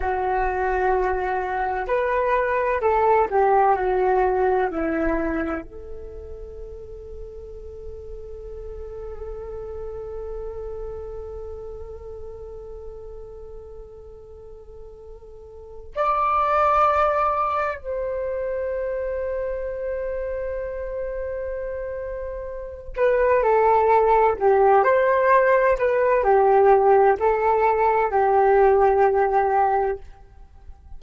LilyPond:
\new Staff \with { instrumentName = "flute" } { \time 4/4 \tempo 4 = 64 fis'2 b'4 a'8 g'8 | fis'4 e'4 a'2~ | a'1~ | a'1~ |
a'4 d''2 c''4~ | c''1~ | c''8 b'8 a'4 g'8 c''4 b'8 | g'4 a'4 g'2 | }